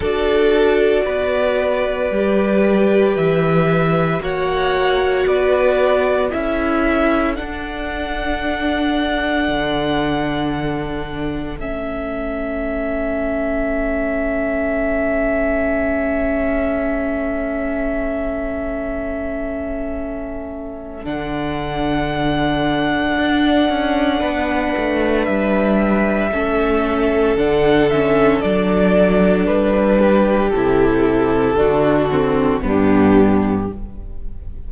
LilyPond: <<
  \new Staff \with { instrumentName = "violin" } { \time 4/4 \tempo 4 = 57 d''2. e''4 | fis''4 d''4 e''4 fis''4~ | fis''2. e''4~ | e''1~ |
e''1 | fis''1 | e''2 fis''8 e''8 d''4 | b'4 a'2 g'4 | }
  \new Staff \with { instrumentName = "violin" } { \time 4/4 a'4 b'2. | cis''4 b'4 a'2~ | a'1~ | a'1~ |
a'1~ | a'2. b'4~ | b'4 a'2.~ | a'8 g'4. fis'4 d'4 | }
  \new Staff \with { instrumentName = "viola" } { \time 4/4 fis'2 g'2 | fis'2 e'4 d'4~ | d'2. cis'4~ | cis'1~ |
cis'1 | d'1~ | d'4 cis'4 d'8 cis'8 d'4~ | d'4 e'4 d'8 c'8 b4 | }
  \new Staff \with { instrumentName = "cello" } { \time 4/4 d'4 b4 g4 e4 | ais4 b4 cis'4 d'4~ | d'4 d2 a4~ | a1~ |
a1 | d2 d'8 cis'8 b8 a8 | g4 a4 d4 fis4 | g4 c4 d4 g,4 | }
>>